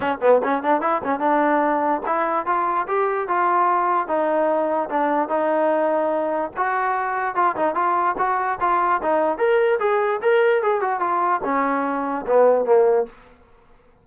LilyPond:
\new Staff \with { instrumentName = "trombone" } { \time 4/4 \tempo 4 = 147 cis'8 b8 cis'8 d'8 e'8 cis'8 d'4~ | d'4 e'4 f'4 g'4 | f'2 dis'2 | d'4 dis'2. |
fis'2 f'8 dis'8 f'4 | fis'4 f'4 dis'4 ais'4 | gis'4 ais'4 gis'8 fis'8 f'4 | cis'2 b4 ais4 | }